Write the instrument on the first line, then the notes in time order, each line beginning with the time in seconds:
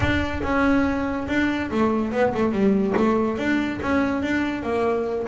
double bass
0.00 D4
0.42 C#4
1.28 D4
1.71 A3
2.12 B3
2.34 A3
2.51 G3
2.97 A3
3.37 D4
3.82 C#4
4.22 D4
4.62 A#3